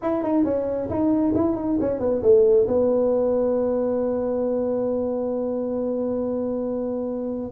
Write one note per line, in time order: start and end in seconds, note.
0.01 0.22 E4
0.22 0.44 D#4
0.44 0.89 C#4
0.89 1.34 D#4
1.34 1.56 E4
1.56 1.78 D#4
1.80 1.99 C#4
1.99 2.22 B3
2.22 2.66 A3
2.67 7.51 B3